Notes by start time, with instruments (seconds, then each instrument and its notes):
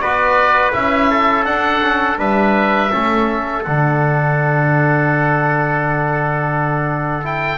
0.00 double bass B3, trombone F#4, trumpet B4, oboe D5
0.73 double bass C#4, trombone E4, oboe E5
1.11 trumpet A4
1.45 trombone D4, double bass D4, oboe F#5
1.83 trombone C#4
2.18 double bass G3, trombone D4, trumpet B4, oboe E5
2.92 double bass A3, trombone C#4, trumpet A4
3.64 double bass D3, trombone D4, oboe F#5
7.23 trombone E4, oboe G5